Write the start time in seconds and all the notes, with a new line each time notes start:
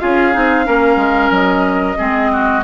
0.00 C#4 F4 G#4 F5
0.34 C4 D#4
0.65 A#3 C#4 A#4
0.96 G#3
1.31 F#3 D#5
1.98 G#3 C4 G#4
2.33 F#4